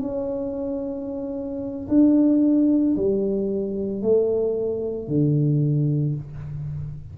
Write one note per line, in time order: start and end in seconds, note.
0.00 1.87 C#4
1.88 2.95 D4
2.96 4.01 G3
4.01 5.07 A3
5.07 6.15 D3